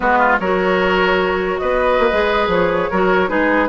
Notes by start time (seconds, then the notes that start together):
0.00 G#3 B3 F#4 B4
0.18 F4
0.39 F#3 F#4 A#4 C#5
1.58 B3 B4 D#5
1.99 A#3
2.12 G#3 G#4
2.47 F3 C#5
2.90 F#3 F#4 A#4
3.27 G#3 D#4 G#4 B4